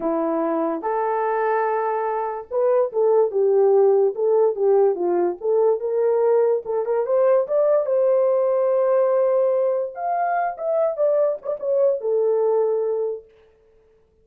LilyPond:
\new Staff \with { instrumentName = "horn" } { \time 4/4 \tempo 4 = 145 e'2 a'2~ | a'2 b'4 a'4 | g'2 a'4 g'4 | f'4 a'4 ais'2 |
a'8 ais'8 c''4 d''4 c''4~ | c''1 | f''4. e''4 d''4 cis''16 d''16 | cis''4 a'2. | }